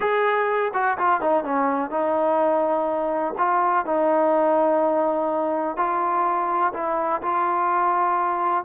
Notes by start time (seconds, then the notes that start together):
0.00 G#4
0.73 F#4
0.98 F4
1.20 D#4
1.44 C#4
1.90 D#4
3.38 F4
3.85 D#4
5.76 F4
6.73 E4
7.22 F4